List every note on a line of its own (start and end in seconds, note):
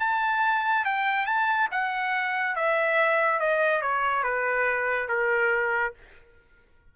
0.00 0.85 A5
0.85 1.26 G5
1.26 1.69 A5
1.72 2.56 F#5
2.56 3.40 E5
3.40 3.82 D#5
3.82 4.23 C#5
4.23 5.09 B4
5.09 5.94 A#4